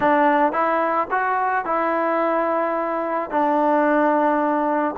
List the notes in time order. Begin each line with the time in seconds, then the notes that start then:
0.00 D4
0.52 E4
1.11 F#4
1.65 E4
3.30 D4